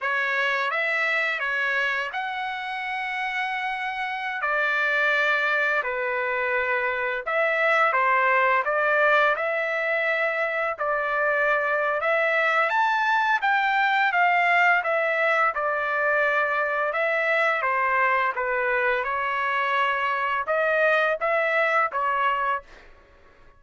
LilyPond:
\new Staff \with { instrumentName = "trumpet" } { \time 4/4 \tempo 4 = 85 cis''4 e''4 cis''4 fis''4~ | fis''2~ fis''16 d''4.~ d''16~ | d''16 b'2 e''4 c''8.~ | c''16 d''4 e''2 d''8.~ |
d''4 e''4 a''4 g''4 | f''4 e''4 d''2 | e''4 c''4 b'4 cis''4~ | cis''4 dis''4 e''4 cis''4 | }